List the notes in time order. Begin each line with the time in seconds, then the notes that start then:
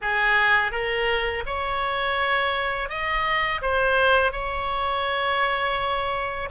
0.01 G#4
0.71 A#4
1.46 C#5
2.89 D#5
3.61 C5
4.32 C#5